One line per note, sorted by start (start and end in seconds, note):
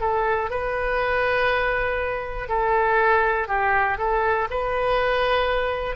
0.00 0.50 A4
0.50 2.49 B4
2.49 3.48 A4
3.48 3.98 G4
3.98 4.48 A4
4.50 5.96 B4